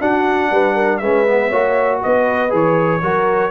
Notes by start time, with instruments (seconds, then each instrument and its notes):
0.00 trombone D4, tuba D4, horn F#4, trumpet F#5
0.51 tuba G3, horn B4
0.75 horn A#4
0.97 tuba G#3, trombone C#4, horn B4, trumpet E5
1.27 trombone B3
1.48 tuba A#3, trombone F#4, horn C#5
2.02 tuba B3, horn B4, trumpet D#5
2.49 tuba E3, trombone G#4, trumpet C#5
3.02 tuba F#3, trombone F#4, horn A#4